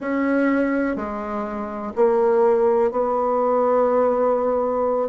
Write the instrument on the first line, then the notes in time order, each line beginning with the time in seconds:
bassoon
0.00 C#4
0.96 G#3
1.95 A#3
2.91 B3